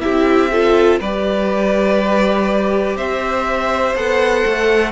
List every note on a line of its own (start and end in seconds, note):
0.00 1.00 C4
0.00 0.49 E4
0.00 0.51 G4
0.00 0.99 E5
0.51 1.02 F4
0.51 1.00 A4
1.00 2.96 G3
1.00 3.95 G4
1.00 2.96 B4
1.00 2.97 D5
2.96 3.94 C4
2.96 4.91 C5
2.96 3.95 E5
3.95 4.44 B3
3.95 4.91 A4
3.95 4.91 F#5
4.45 4.91 A3